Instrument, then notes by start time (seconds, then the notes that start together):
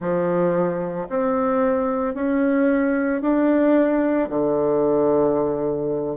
bassoon
0.00 F3
1.09 C4
2.14 C#4
3.21 D4
4.29 D3